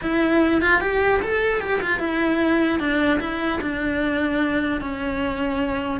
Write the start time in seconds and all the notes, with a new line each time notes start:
0.01 E4
0.61 F4
0.80 G4
1.21 A4
1.60 G4
1.81 F4
1.99 E4
2.79 D4
3.19 E4
3.61 D4
4.81 C#4